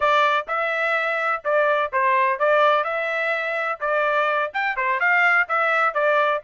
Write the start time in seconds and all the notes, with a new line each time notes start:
0.00 D5
0.47 E5
1.44 D5
1.92 C5
2.39 D5
2.83 E5
3.80 D5
4.53 G5
4.76 C5
4.99 F5
5.48 E5
5.94 D5